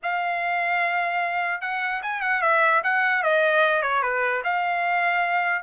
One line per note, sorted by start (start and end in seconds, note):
0.02 1.61 F5
1.61 2.01 F#5
2.02 2.21 G#5
2.21 2.41 F#5
2.41 2.82 E5
2.83 3.23 F#5
3.23 3.82 D#5
3.82 4.02 C#5
4.02 4.42 B4
4.44 5.62 F5